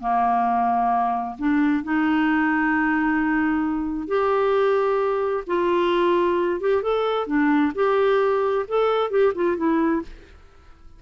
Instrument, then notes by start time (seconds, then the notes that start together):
clarinet
0.00 A#3
1.38 D4
1.84 D#4
4.07 G4
5.47 F4
6.60 G4
6.82 A4
7.27 D4
7.75 G4
8.68 A4
9.10 G4
9.35 F4
9.57 E4